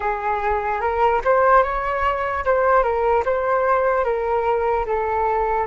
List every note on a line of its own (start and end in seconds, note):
0.00 0.80 G#4
0.80 1.21 A#4
1.24 1.63 C5
1.63 2.44 C#5
2.44 2.83 C5
2.83 3.23 A#4
3.25 4.04 C5
4.04 4.85 A#4
4.86 5.67 A4